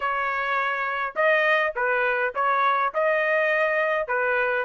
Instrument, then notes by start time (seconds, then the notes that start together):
trumpet
0.00 C#5
1.15 D#5
1.75 B4
2.35 C#5
2.93 D#5
4.07 B4